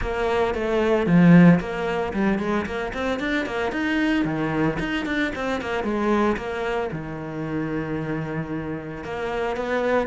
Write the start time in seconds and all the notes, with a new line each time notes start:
0.01 A#3
0.54 A3
1.06 F3
1.59 A#3
2.13 G3
2.38 G#3
2.65 A#3
2.93 C4
3.19 D4
3.46 A#3
3.72 D#4
4.24 D#3
4.79 D#4
5.05 D4
5.35 C4
5.61 A#3
5.83 G#3
6.36 A#3
6.91 D#3
9.04 A#3
9.56 B3